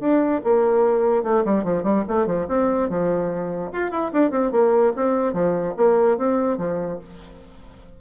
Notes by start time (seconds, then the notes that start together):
0.00 D4
0.44 A#3
1.23 A3
1.45 G3
1.64 F3
1.83 G3
2.08 A3
2.27 F3
2.48 C4
2.89 F3
3.73 F4
3.91 E4
4.13 D4
4.31 C4
4.52 A#3
4.96 C4
5.33 F3
5.77 A#3
6.18 C4
6.58 F3